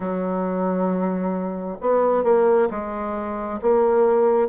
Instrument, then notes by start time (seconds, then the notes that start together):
bassoon
0.00 F#3
1.80 B3
2.23 A#3
2.70 G#3
3.61 A#3